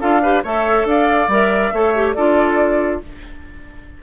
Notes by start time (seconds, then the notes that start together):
0.00 D4 F4 A4 F5
0.22 G4 B4
0.43 A3 A4 C#5 E5
0.84 D4 D5 F5
1.28 G3 A#4 E5
1.72 A3 A4 C#5
1.95 G4
2.13 D4 F4 A4 D5